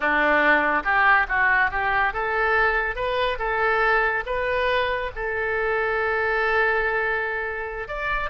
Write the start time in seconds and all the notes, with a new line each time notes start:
0.00 D4
0.84 G4
1.28 F#4
1.71 G4
2.13 A4
2.95 B4
3.38 A4
4.26 B4
5.15 A4
7.88 D5